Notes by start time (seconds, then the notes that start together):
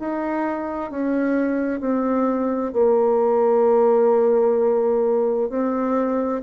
0.00 D#4
0.91 C#4
1.80 C4
2.73 A#3
5.50 C4